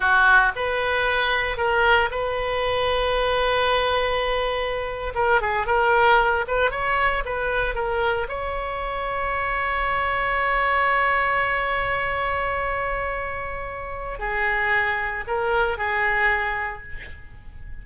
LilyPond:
\new Staff \with { instrumentName = "oboe" } { \time 4/4 \tempo 4 = 114 fis'4 b'2 ais'4 | b'1~ | b'4.~ b'16 ais'8 gis'8 ais'4~ ais'16~ | ais'16 b'8 cis''4 b'4 ais'4 cis''16~ |
cis''1~ | cis''1~ | cis''2. gis'4~ | gis'4 ais'4 gis'2 | }